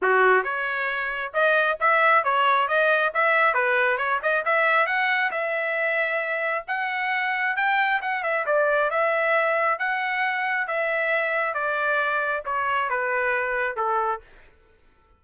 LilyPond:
\new Staff \with { instrumentName = "trumpet" } { \time 4/4 \tempo 4 = 135 fis'4 cis''2 dis''4 | e''4 cis''4 dis''4 e''4 | b'4 cis''8 dis''8 e''4 fis''4 | e''2. fis''4~ |
fis''4 g''4 fis''8 e''8 d''4 | e''2 fis''2 | e''2 d''2 | cis''4 b'2 a'4 | }